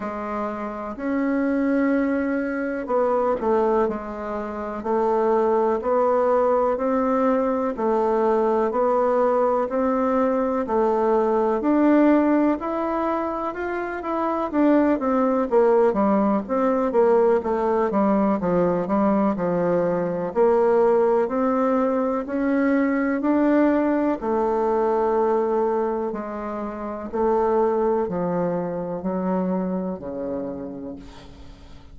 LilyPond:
\new Staff \with { instrumentName = "bassoon" } { \time 4/4 \tempo 4 = 62 gis4 cis'2 b8 a8 | gis4 a4 b4 c'4 | a4 b4 c'4 a4 | d'4 e'4 f'8 e'8 d'8 c'8 |
ais8 g8 c'8 ais8 a8 g8 f8 g8 | f4 ais4 c'4 cis'4 | d'4 a2 gis4 | a4 f4 fis4 cis4 | }